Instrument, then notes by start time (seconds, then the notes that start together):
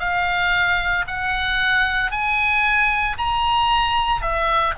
oboe
0.00 F5
1.07 F#5
2.11 G#5
3.18 A#5
4.22 E5